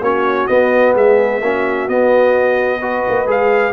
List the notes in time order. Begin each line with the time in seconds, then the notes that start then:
0.00 A#3 C#4 F#4 C#5
0.47 B3 D#5
0.94 G#3 G#4 E5
1.41 A#3 C#4 F#4
1.87 B3 D#5
2.79 F#4 B4
3.09 A#3
3.25 G#3 G#4 F5